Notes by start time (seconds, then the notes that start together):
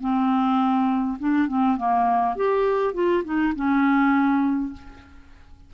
0.00 C4
1.19 D4
1.48 C4
1.77 A#3
2.36 G4
2.94 F4
3.24 D#4
3.55 C#4